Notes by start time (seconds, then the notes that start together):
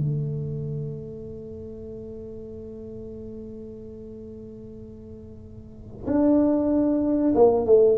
0.00 A3
6.07 D4
7.35 A#3
7.66 A3